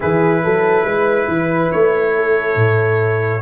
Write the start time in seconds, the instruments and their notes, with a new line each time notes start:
0.00 tuba E3, trombone E4, horn G#4, trumpet B4
0.43 tuba F#3, horn A4
0.84 tuba G#3, horn B4
1.27 tuba E3
1.71 tuba A3, trumpet C#5
2.16 horn A4
2.55 tuba A2